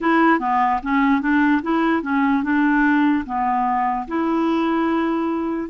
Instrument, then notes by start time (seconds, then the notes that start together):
clarinet
0.00 E4
0.39 B3
0.83 C#4
1.21 D4
1.62 E4
2.02 C#4
2.43 D4
3.25 B3
4.07 E4